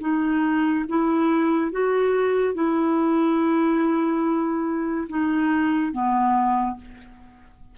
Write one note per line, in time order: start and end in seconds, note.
0.00 0.85 D#4
0.88 1.71 E4
1.71 2.54 F#4
2.54 5.07 E4
5.09 5.92 D#4
5.92 6.76 B3